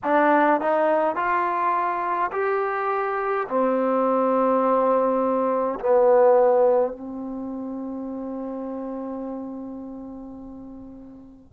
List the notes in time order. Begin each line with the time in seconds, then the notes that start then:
0.03 D4
0.60 D#4
1.15 F4
2.31 G4
3.48 C4
5.80 B3
6.92 C4